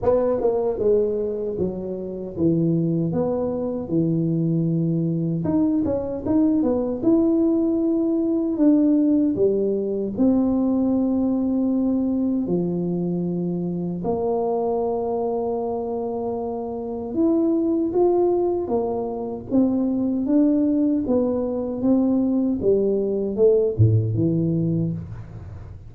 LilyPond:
\new Staff \with { instrumentName = "tuba" } { \time 4/4 \tempo 4 = 77 b8 ais8 gis4 fis4 e4 | b4 e2 dis'8 cis'8 | dis'8 b8 e'2 d'4 | g4 c'2. |
f2 ais2~ | ais2 e'4 f'4 | ais4 c'4 d'4 b4 | c'4 g4 a8 a,8 e4 | }